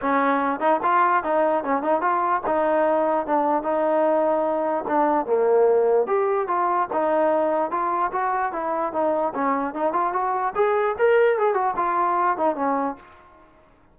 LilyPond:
\new Staff \with { instrumentName = "trombone" } { \time 4/4 \tempo 4 = 148 cis'4. dis'8 f'4 dis'4 | cis'8 dis'8 f'4 dis'2 | d'4 dis'2. | d'4 ais2 g'4 |
f'4 dis'2 f'4 | fis'4 e'4 dis'4 cis'4 | dis'8 f'8 fis'4 gis'4 ais'4 | gis'8 fis'8 f'4. dis'8 cis'4 | }